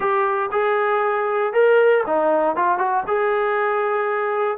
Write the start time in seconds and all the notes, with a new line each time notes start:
0.00 G4
0.51 G#4
1.53 A#4
2.06 D#4
2.56 F4
2.78 F#4
3.07 G#4